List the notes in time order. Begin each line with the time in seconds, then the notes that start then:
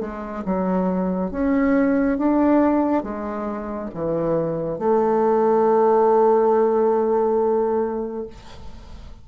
0.00 G#3
0.45 F#3
1.31 C#4
2.17 D4
3.03 G#3
3.94 E3
4.78 A3